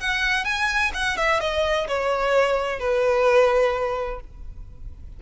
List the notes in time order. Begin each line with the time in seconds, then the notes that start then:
0.00 F#5
0.44 G#5
0.94 F#5
1.17 E5
1.40 D#5
1.88 C#5
2.79 B4